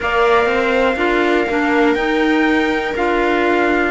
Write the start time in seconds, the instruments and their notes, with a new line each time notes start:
0.00 cello A#3, clarinet A#4, viola D5, trumpet F5
0.46 cello C4, viola C5
0.96 cello D4, clarinet F4, viola A#4
1.49 cello A#3, clarinet D4
1.94 cello D#4, clarinet D#4, trumpet G5
2.96 cello D4, clarinet F4, trumpet F5